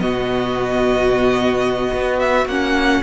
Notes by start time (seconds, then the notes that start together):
0.00 B2 B3 F#4 D#5
1.93 B3
2.20 E5
2.46 A#3 C#4 F#5